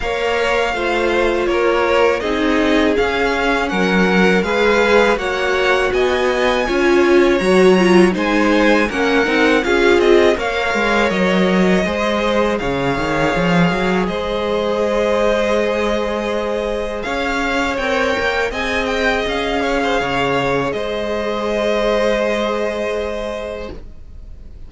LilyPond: <<
  \new Staff \with { instrumentName = "violin" } { \time 4/4 \tempo 4 = 81 f''2 cis''4 dis''4 | f''4 fis''4 f''4 fis''4 | gis''2 ais''4 gis''4 | fis''4 f''8 dis''8 f''4 dis''4~ |
dis''4 f''2 dis''4~ | dis''2. f''4 | g''4 gis''8 g''8 f''2 | dis''1 | }
  \new Staff \with { instrumentName = "violin" } { \time 4/4 cis''4 c''4 ais'4 gis'4~ | gis'4 ais'4 b'4 cis''4 | dis''4 cis''2 c''4 | ais'4 gis'4 cis''2 |
c''4 cis''2 c''4~ | c''2. cis''4~ | cis''4 dis''4. cis''16 c''16 cis''4 | c''1 | }
  \new Staff \with { instrumentName = "viola" } { \time 4/4 ais'4 f'2 dis'4 | cis'2 gis'4 fis'4~ | fis'4 f'4 fis'8 f'8 dis'4 | cis'8 dis'8 f'4 ais'2 |
gis'1~ | gis'1 | ais'4 gis'2.~ | gis'1 | }
  \new Staff \with { instrumentName = "cello" } { \time 4/4 ais4 a4 ais4 c'4 | cis'4 fis4 gis4 ais4 | b4 cis'4 fis4 gis4 | ais8 c'8 cis'8 c'8 ais8 gis8 fis4 |
gis4 cis8 dis8 f8 fis8 gis4~ | gis2. cis'4 | c'8 ais8 c'4 cis'4 cis4 | gis1 | }
>>